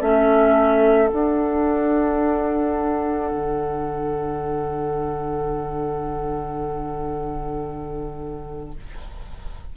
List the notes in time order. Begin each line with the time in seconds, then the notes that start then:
0.00 A3 C#4 A4 E5
1.07 D4 F#5
3.31 D3